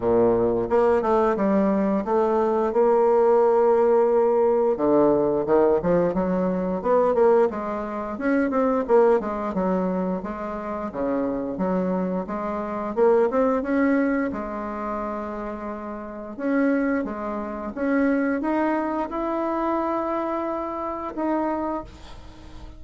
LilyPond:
\new Staff \with { instrumentName = "bassoon" } { \time 4/4 \tempo 4 = 88 ais,4 ais8 a8 g4 a4 | ais2. d4 | dis8 f8 fis4 b8 ais8 gis4 | cis'8 c'8 ais8 gis8 fis4 gis4 |
cis4 fis4 gis4 ais8 c'8 | cis'4 gis2. | cis'4 gis4 cis'4 dis'4 | e'2. dis'4 | }